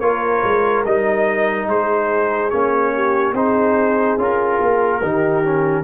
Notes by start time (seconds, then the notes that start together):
0.00 A#3 F4 A#4 C#5
0.44 G#3
0.85 G3 D#4 D#5
1.67 G#3 G#4 C5
2.50 A#3 C#4 C#5
2.94 G4
3.33 C4 D#4 G#4 C5
4.18 C#4 F4 A#4
4.61 A#3
5.01 D#3 D#4 G4
5.45 C#4